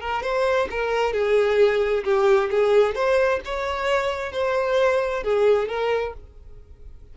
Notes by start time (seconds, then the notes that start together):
0.00 A#4
0.22 C5
0.70 A#4
1.13 G#4
2.04 G4
2.50 G#4
2.94 C5
3.45 C#5
4.32 C5
5.23 G#4
5.68 A#4